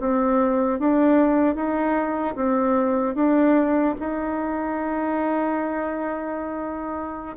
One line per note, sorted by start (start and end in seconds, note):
0.00 0.79 C4
0.79 1.55 D4
1.55 2.35 D#4
2.36 3.15 C4
3.15 3.95 D4
4.00 7.36 D#4